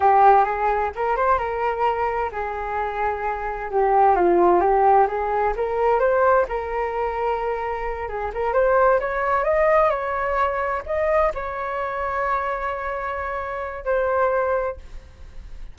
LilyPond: \new Staff \with { instrumentName = "flute" } { \time 4/4 \tempo 4 = 130 g'4 gis'4 ais'8 c''8 ais'4~ | ais'4 gis'2. | g'4 f'4 g'4 gis'4 | ais'4 c''4 ais'2~ |
ais'4. gis'8 ais'8 c''4 cis''8~ | cis''8 dis''4 cis''2 dis''8~ | dis''8 cis''2.~ cis''8~ | cis''2 c''2 | }